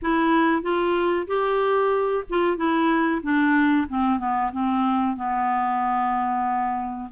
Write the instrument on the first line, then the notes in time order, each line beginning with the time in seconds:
clarinet
0.01 E4
0.62 F4
1.27 G4
2.29 F4
2.56 E4
3.22 D4
3.88 C4
4.18 B3
4.52 C4
5.16 B3